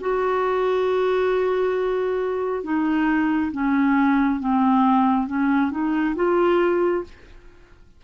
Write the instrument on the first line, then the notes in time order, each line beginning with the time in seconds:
clarinet
0.00 F#4
2.63 D#4
3.51 C#4
4.40 C4
5.27 C#4
5.71 D#4
6.15 F4